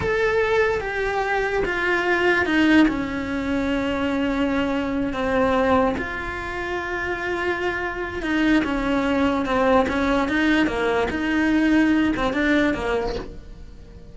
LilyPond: \new Staff \with { instrumentName = "cello" } { \time 4/4 \tempo 4 = 146 a'2 g'2 | f'2 dis'4 cis'4~ | cis'1~ | cis'8 c'2 f'4.~ |
f'1 | dis'4 cis'2 c'4 | cis'4 dis'4 ais4 dis'4~ | dis'4. c'8 d'4 ais4 | }